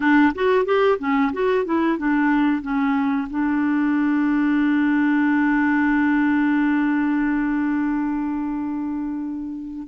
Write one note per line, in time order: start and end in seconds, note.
0.00 0.33 D4
0.34 0.65 F#4
0.65 0.98 G4
0.99 1.32 C#4
1.32 1.65 F#4
1.65 1.98 E4
1.98 2.62 D4
2.62 3.28 C#4
3.30 9.87 D4